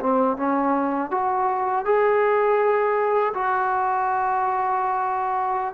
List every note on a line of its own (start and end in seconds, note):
0.00 0.37 C4
0.37 1.11 C#4
1.11 1.85 F#4
1.85 3.33 G#4
3.34 5.74 F#4